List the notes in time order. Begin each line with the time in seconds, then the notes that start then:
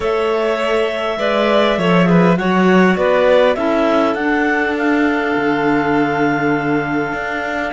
0.00 A3 A4 C#5 E5
1.18 G#3 B4 D5
1.78 F3 A4 C#5
2.04 G#4 B4
2.37 F#3 F#4 C#5 F#5
2.96 B3 B4 D5
3.55 C#4 E4 A4 E5
4.14 D4 F#5
4.77 F5
5.36 D3
7.12 D4